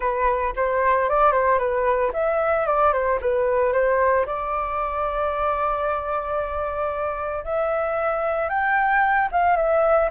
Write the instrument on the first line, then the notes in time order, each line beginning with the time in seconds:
flute
0.00 B4
0.56 C5
1.09 D5
1.31 C5
1.58 B4
2.13 E5
2.66 D5
2.92 C5
3.21 B4
3.72 C5
4.26 D5
7.44 E5
8.49 G5
9.31 F5
9.56 E5